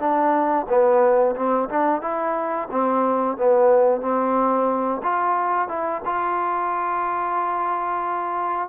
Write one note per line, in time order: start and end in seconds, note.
0.00 0.67 D4
0.69 1.36 B3
1.36 1.69 C4
1.69 2.02 D4
2.02 2.68 E4
2.72 3.38 C4
3.38 4.02 B3
4.02 5.02 C4
5.03 5.68 F4
5.68 6.02 E4
6.06 8.69 F4